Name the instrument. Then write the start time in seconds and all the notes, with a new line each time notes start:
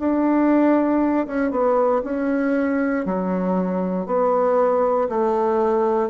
bassoon
0.00 D4
1.28 C#4
1.51 B3
2.04 C#4
3.06 F#3
4.07 B3
5.09 A3